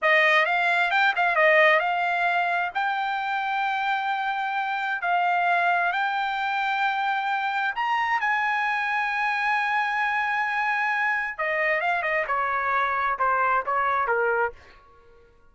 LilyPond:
\new Staff \with { instrumentName = "trumpet" } { \time 4/4 \tempo 4 = 132 dis''4 f''4 g''8 f''8 dis''4 | f''2 g''2~ | g''2. f''4~ | f''4 g''2.~ |
g''4 ais''4 gis''2~ | gis''1~ | gis''4 dis''4 f''8 dis''8 cis''4~ | cis''4 c''4 cis''4 ais'4 | }